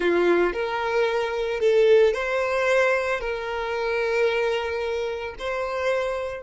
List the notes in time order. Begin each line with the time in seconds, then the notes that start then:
0.00 F4
0.53 A#4
1.59 A4
2.13 C5
3.20 A#4
5.38 C5